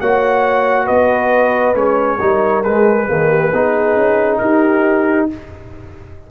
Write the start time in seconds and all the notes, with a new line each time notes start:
0.00 A#3 F#4 C#5 F#5
0.84 B3 B4 D#5
1.74 G#3 C#4 C#5
2.19 G3 D#4 A#4
2.63 G#3 B4
3.08 D#3 A#3 G#4
3.29 G4
3.52 B3 D#4 G#4
3.96 C#4
4.38 D#4 G4 A#4